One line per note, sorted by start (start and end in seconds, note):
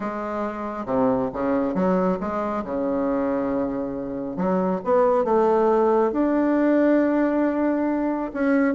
0.00 0.85 G#3
0.85 1.29 C3
1.33 1.74 C#3
1.74 2.18 F#3
2.20 2.64 G#3
2.64 4.36 C#3
4.36 4.80 F#3
4.84 5.24 B3
5.24 6.11 A3
6.12 8.31 D4
8.33 8.74 C#4